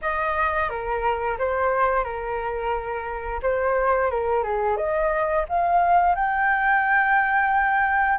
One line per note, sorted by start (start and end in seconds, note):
0.01 0.69 D#5
0.69 1.37 A#4
1.38 2.04 C5
2.04 3.40 A#4
3.42 4.10 C5
4.10 4.43 A#4
4.43 4.76 G#4
4.76 5.45 D#5
5.49 6.15 F5
6.15 8.18 G5